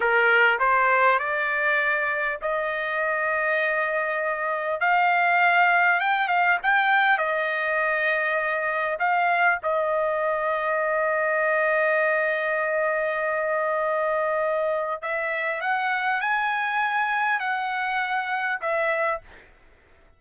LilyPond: \new Staff \with { instrumentName = "trumpet" } { \time 4/4 \tempo 4 = 100 ais'4 c''4 d''2 | dis''1 | f''2 g''8 f''8 g''4 | dis''2. f''4 |
dis''1~ | dis''1~ | dis''4 e''4 fis''4 gis''4~ | gis''4 fis''2 e''4 | }